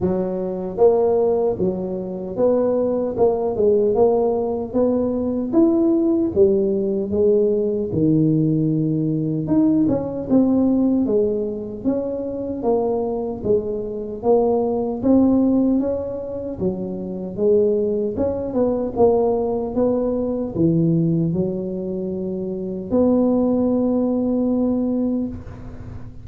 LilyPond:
\new Staff \with { instrumentName = "tuba" } { \time 4/4 \tempo 4 = 76 fis4 ais4 fis4 b4 | ais8 gis8 ais4 b4 e'4 | g4 gis4 dis2 | dis'8 cis'8 c'4 gis4 cis'4 |
ais4 gis4 ais4 c'4 | cis'4 fis4 gis4 cis'8 b8 | ais4 b4 e4 fis4~ | fis4 b2. | }